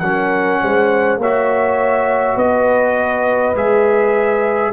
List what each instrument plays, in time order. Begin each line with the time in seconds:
0.00 tuba F#3, trombone C#4, horn A#4, trumpet F#5
0.62 tuba G#3, horn C5
1.18 tuba A#3, trombone F#4, horn C#5, trumpet E5
2.36 tuba B3, horn B4, trumpet D#5
3.55 tuba G#3, trombone G#4, trumpet E5